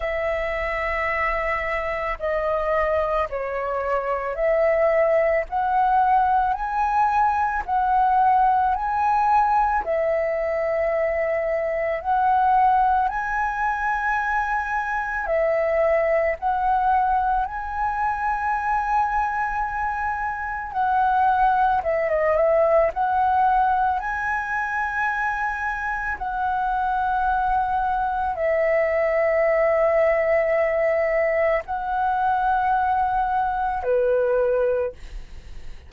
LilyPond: \new Staff \with { instrumentName = "flute" } { \time 4/4 \tempo 4 = 55 e''2 dis''4 cis''4 | e''4 fis''4 gis''4 fis''4 | gis''4 e''2 fis''4 | gis''2 e''4 fis''4 |
gis''2. fis''4 | e''16 dis''16 e''8 fis''4 gis''2 | fis''2 e''2~ | e''4 fis''2 b'4 | }